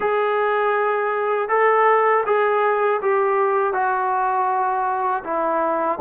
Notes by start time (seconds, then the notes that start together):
0.00 G#4
1.49 A4
2.25 G#4
3.01 G4
3.73 F#4
5.24 E4